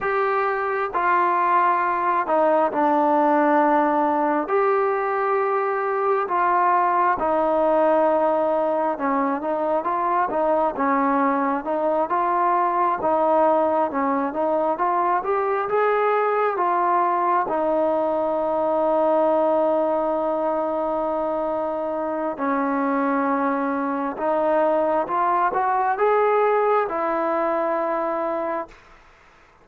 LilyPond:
\new Staff \with { instrumentName = "trombone" } { \time 4/4 \tempo 4 = 67 g'4 f'4. dis'8 d'4~ | d'4 g'2 f'4 | dis'2 cis'8 dis'8 f'8 dis'8 | cis'4 dis'8 f'4 dis'4 cis'8 |
dis'8 f'8 g'8 gis'4 f'4 dis'8~ | dis'1~ | dis'4 cis'2 dis'4 | f'8 fis'8 gis'4 e'2 | }